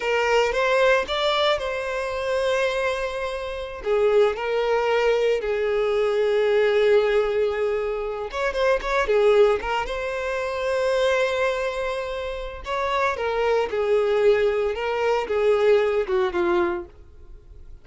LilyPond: \new Staff \with { instrumentName = "violin" } { \time 4/4 \tempo 4 = 114 ais'4 c''4 d''4 c''4~ | c''2.~ c''16 gis'8.~ | gis'16 ais'2 gis'4.~ gis'16~ | gis'2.~ gis'8. cis''16~ |
cis''16 c''8 cis''8 gis'4 ais'8 c''4~ c''16~ | c''1 | cis''4 ais'4 gis'2 | ais'4 gis'4. fis'8 f'4 | }